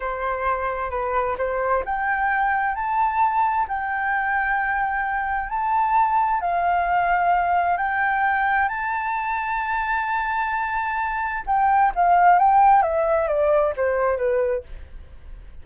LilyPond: \new Staff \with { instrumentName = "flute" } { \time 4/4 \tempo 4 = 131 c''2 b'4 c''4 | g''2 a''2 | g''1 | a''2 f''2~ |
f''4 g''2 a''4~ | a''1~ | a''4 g''4 f''4 g''4 | e''4 d''4 c''4 b'4 | }